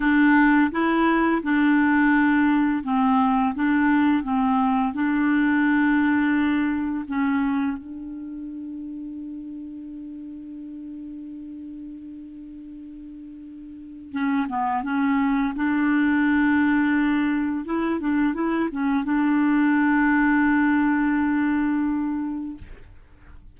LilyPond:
\new Staff \with { instrumentName = "clarinet" } { \time 4/4 \tempo 4 = 85 d'4 e'4 d'2 | c'4 d'4 c'4 d'4~ | d'2 cis'4 d'4~ | d'1~ |
d'1 | cis'8 b8 cis'4 d'2~ | d'4 e'8 d'8 e'8 cis'8 d'4~ | d'1 | }